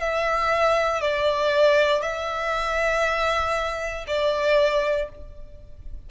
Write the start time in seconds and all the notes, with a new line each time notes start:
0.00 E5
1.01 D5
2.02 E5
4.07 D5